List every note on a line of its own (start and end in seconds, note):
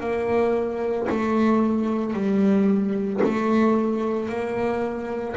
0.00 1.07 A#3
1.10 2.14 A3
2.14 3.21 G3
3.23 4.29 A3
4.29 5.36 A#3